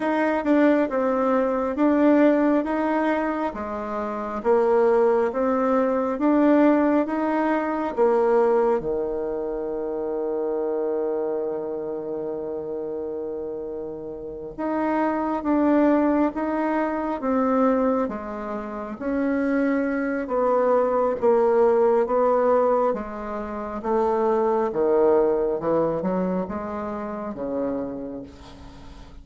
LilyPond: \new Staff \with { instrumentName = "bassoon" } { \time 4/4 \tempo 4 = 68 dis'8 d'8 c'4 d'4 dis'4 | gis4 ais4 c'4 d'4 | dis'4 ais4 dis2~ | dis1~ |
dis8 dis'4 d'4 dis'4 c'8~ | c'8 gis4 cis'4. b4 | ais4 b4 gis4 a4 | dis4 e8 fis8 gis4 cis4 | }